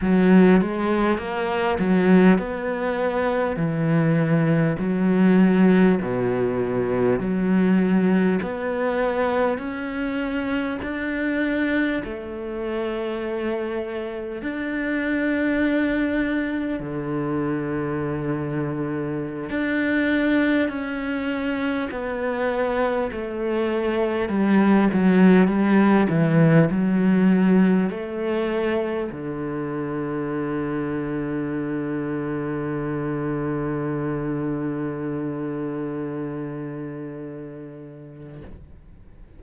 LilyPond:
\new Staff \with { instrumentName = "cello" } { \time 4/4 \tempo 4 = 50 fis8 gis8 ais8 fis8 b4 e4 | fis4 b,4 fis4 b4 | cis'4 d'4 a2 | d'2 d2~ |
d16 d'4 cis'4 b4 a8.~ | a16 g8 fis8 g8 e8 fis4 a8.~ | a16 d2.~ d8.~ | d1 | }